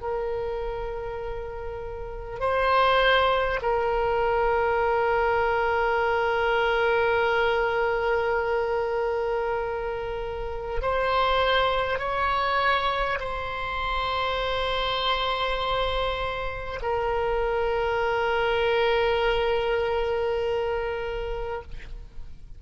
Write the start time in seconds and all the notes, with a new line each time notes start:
0.00 A#4
2.39 C5
3.62 A#4
10.81 C5
11.98 C#5
13.19 C5
16.82 A#4